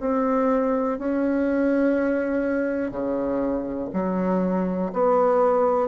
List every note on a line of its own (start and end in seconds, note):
0.00 0.98 C4
0.98 2.91 C#4
2.91 3.89 C#3
3.93 4.91 F#3
4.93 5.88 B3